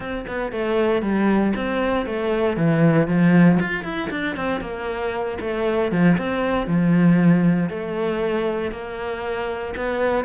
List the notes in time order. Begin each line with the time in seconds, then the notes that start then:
0.00 C4
0.27 B3
0.52 A3
1.02 G3
1.55 C4
2.05 A3
2.56 E3
3.07 F3
3.59 F4
3.83 E4
4.10 D4
4.36 C4
4.61 A#3
5.40 A3
5.91 F3
6.17 C4
6.67 F3
7.69 A3
8.71 A#3
9.76 B3